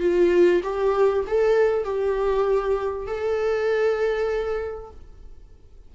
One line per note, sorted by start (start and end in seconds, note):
0.00 0.61 F4
0.63 1.25 G4
1.27 1.84 A4
1.84 3.06 G4
3.07 4.90 A4